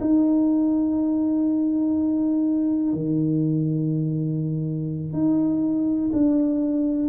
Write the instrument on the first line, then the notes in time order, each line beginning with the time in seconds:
tuba
0.00 D#4
2.93 D#3
5.13 D#4
6.13 D4